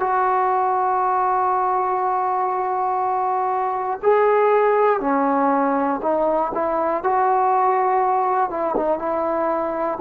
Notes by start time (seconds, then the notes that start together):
0.00 F#4
4.03 G#4
5.00 C#4
6.02 D#4
6.54 E4
7.03 F#4
8.50 E4
8.76 D#4
8.99 E4